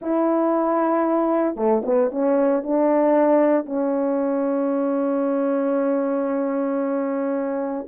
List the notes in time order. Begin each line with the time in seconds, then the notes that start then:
0.01 E4
1.56 A3
1.85 B3
2.11 C#4
2.63 D4
3.65 C#4